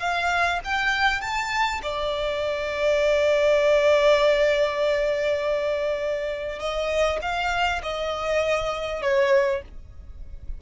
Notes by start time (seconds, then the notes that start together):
0.00 F5
0.64 G5
1.21 A5
1.83 D5
6.60 D#5
7.22 F5
7.83 D#5
9.02 C#5